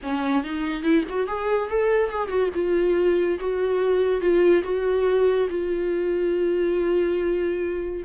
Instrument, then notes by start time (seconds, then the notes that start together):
viola
0.02 C#4
0.43 D#4
0.83 E4
1.09 F#4
1.27 G#4
1.69 A4
2.09 G#4
2.28 F#4
2.54 F4
3.39 F#4
4.20 F4
4.63 F#4
5.49 F4